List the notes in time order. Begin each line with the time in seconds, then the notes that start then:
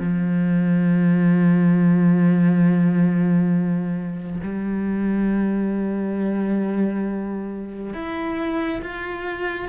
0.00 F3
4.43 G3
7.94 E4
8.83 F4